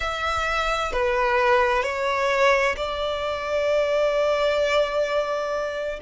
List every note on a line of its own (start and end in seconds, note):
0.00 0.92 E5
0.92 1.83 B4
1.83 2.75 C#5
2.76 5.99 D5